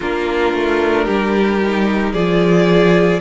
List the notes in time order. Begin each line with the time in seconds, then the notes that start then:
0.00 A#3 D4 F4 A#4
0.53 A3
1.04 G3 G4
1.62 D#4
2.12 F3 F4 G#4 D5